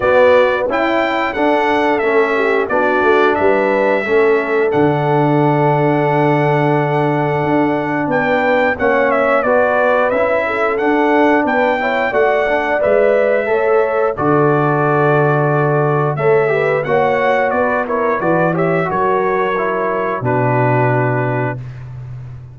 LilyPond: <<
  \new Staff \with { instrumentName = "trumpet" } { \time 4/4 \tempo 4 = 89 d''4 g''4 fis''4 e''4 | d''4 e''2 fis''4~ | fis''1 | g''4 fis''8 e''8 d''4 e''4 |
fis''4 g''4 fis''4 e''4~ | e''4 d''2. | e''4 fis''4 d''8 cis''8 d''8 e''8 | cis''2 b'2 | }
  \new Staff \with { instrumentName = "horn" } { \time 4/4 fis'4 e'4 a'4. g'8 | fis'4 b'4 a'2~ | a'1 | b'4 cis''4 b'4. a'8~ |
a'4 b'8 cis''8 d''2 | cis''4 a'2. | cis''8 b'8 cis''4 b'8 ais'8 b'8 cis''8 | ais'2 fis'2 | }
  \new Staff \with { instrumentName = "trombone" } { \time 4/4 b4 e'4 d'4 cis'4 | d'2 cis'4 d'4~ | d'1~ | d'4 cis'4 fis'4 e'4 |
d'4. e'8 fis'8 d'8 b'4 | a'4 fis'2. | a'8 g'8 fis'4. e'8 fis'8 g'8 | fis'4 e'4 d'2 | }
  \new Staff \with { instrumentName = "tuba" } { \time 4/4 b4 cis'4 d'4 a4 | b8 a8 g4 a4 d4~ | d2. d'4 | b4 ais4 b4 cis'4 |
d'4 b4 a4 gis4 | a4 d2. | a4 ais4 b4 e4 | fis2 b,2 | }
>>